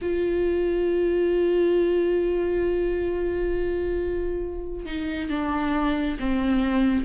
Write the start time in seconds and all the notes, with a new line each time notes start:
0.01 F4
4.85 D#4
5.29 D4
6.19 C4